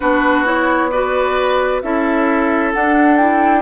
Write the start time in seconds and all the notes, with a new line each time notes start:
0.00 B3 D4 F#4 B4
0.45 E4 C#5
0.90 F#4 B4 D5
1.82 C#4 E4 A4 E5
2.73 D4 F#5
3.16 E4 G5